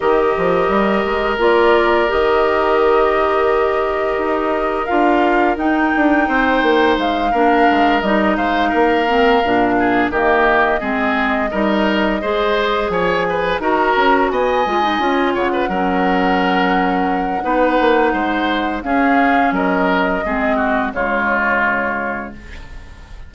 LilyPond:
<<
  \new Staff \with { instrumentName = "flute" } { \time 4/4 \tempo 4 = 86 dis''2 d''4 dis''4~ | dis''2. f''4 | g''2 f''4. dis''8 | f''2~ f''8 dis''4.~ |
dis''2~ dis''8 gis''4 ais''8~ | ais''8 gis''4. fis''2~ | fis''2. f''4 | dis''2 cis''2 | }
  \new Staff \with { instrumentName = "oboe" } { \time 4/4 ais'1~ | ais'1~ | ais'4 c''4. ais'4. | c''8 ais'4. gis'8 g'4 gis'8~ |
gis'8 ais'4 c''4 cis''8 b'8 ais'8~ | ais'8 dis''4. cis''16 b'16 ais'4.~ | ais'4 b'4 c''4 gis'4 | ais'4 gis'8 fis'8 f'2 | }
  \new Staff \with { instrumentName = "clarinet" } { \time 4/4 g'2 f'4 g'4~ | g'2. f'4 | dis'2~ dis'8 d'4 dis'8~ | dis'4 c'8 d'4 ais4 c'8~ |
c'8 dis'4 gis'2 fis'8~ | fis'4 f'16 dis'16 f'4 cis'4.~ | cis'4 dis'2 cis'4~ | cis'4 c'4 gis2 | }
  \new Staff \with { instrumentName = "bassoon" } { \time 4/4 dis8 f8 g8 gis8 ais4 dis4~ | dis2 dis'4 d'4 | dis'8 d'8 c'8 ais8 gis8 ais8 gis8 g8 | gis8 ais4 ais,4 dis4 gis8~ |
gis8 g4 gis4 f4 dis'8 | cis'8 b8 gis8 cis'8 cis8 fis4.~ | fis4 b8 ais8 gis4 cis'4 | fis4 gis4 cis2 | }
>>